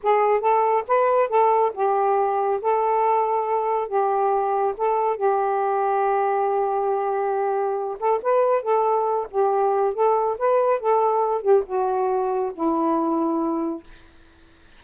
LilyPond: \new Staff \with { instrumentName = "saxophone" } { \time 4/4 \tempo 4 = 139 gis'4 a'4 b'4 a'4 | g'2 a'2~ | a'4 g'2 a'4 | g'1~ |
g'2~ g'8 a'8 b'4 | a'4. g'4. a'4 | b'4 a'4. g'8 fis'4~ | fis'4 e'2. | }